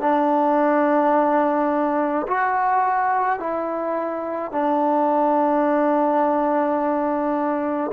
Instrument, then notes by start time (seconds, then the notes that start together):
trombone
0.00 D4
2.27 F#4
3.39 E4
4.52 D4